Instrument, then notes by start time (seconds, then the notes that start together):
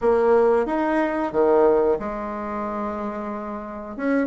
bassoon
0.01 A#3
0.66 D#4
1.32 D#3
1.99 G#3
3.96 C#4